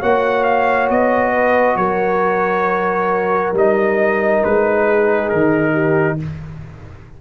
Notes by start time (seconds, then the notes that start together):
0.00 A#3 F#4 C#5 F#5
0.44 F5
0.89 B3 D#5
1.33 B4
1.76 F#3 A#4 C#5
3.53 G3 D#4 D#5
4.44 G#3 B4
4.85 G#4
5.29 D#3 A#4
5.73 G4